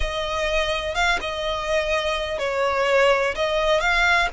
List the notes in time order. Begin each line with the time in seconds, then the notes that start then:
0.00 D#5
0.94 F5
1.20 D#5
2.38 C#5
3.35 D#5
3.80 F5